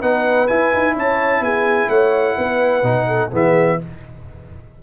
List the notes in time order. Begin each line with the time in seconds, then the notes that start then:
0.00 B3 D#4 B4 F#5
0.47 E4 G#5
0.73 D#4
0.95 C#4 C#5 A5
1.40 B3 G#4 G#5
1.88 A3 C#5 F#5
2.37 B3 B4
2.82 B2 D#4
3.07 A4
3.31 E3 B3 G#4 E5